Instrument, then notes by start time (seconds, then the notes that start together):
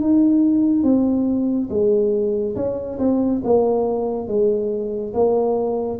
tuba
0.00 D#4
0.83 C4
1.69 G#3
2.55 C#4
2.98 C4
3.44 A#3
4.27 G#3
5.14 A#3